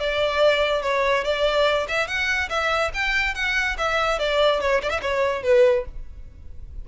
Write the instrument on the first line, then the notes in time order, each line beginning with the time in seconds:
violin
0.00 D5
0.82 C#5
1.24 D5
1.88 E5
2.07 F#5
2.49 E5
2.94 G5
3.35 F#5
3.78 E5
4.19 D5
4.61 C#5
4.83 D5
4.90 E5
5.02 C#5
5.43 B4